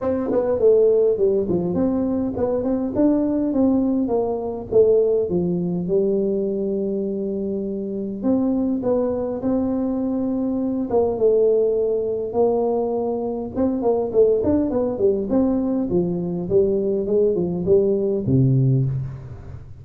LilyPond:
\new Staff \with { instrumentName = "tuba" } { \time 4/4 \tempo 4 = 102 c'8 b8 a4 g8 f8 c'4 | b8 c'8 d'4 c'4 ais4 | a4 f4 g2~ | g2 c'4 b4 |
c'2~ c'8 ais8 a4~ | a4 ais2 c'8 ais8 | a8 d'8 b8 g8 c'4 f4 | g4 gis8 f8 g4 c4 | }